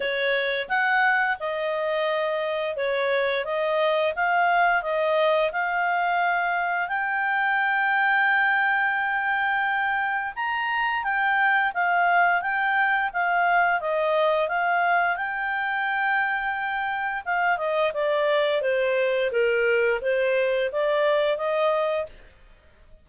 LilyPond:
\new Staff \with { instrumentName = "clarinet" } { \time 4/4 \tempo 4 = 87 cis''4 fis''4 dis''2 | cis''4 dis''4 f''4 dis''4 | f''2 g''2~ | g''2. ais''4 |
g''4 f''4 g''4 f''4 | dis''4 f''4 g''2~ | g''4 f''8 dis''8 d''4 c''4 | ais'4 c''4 d''4 dis''4 | }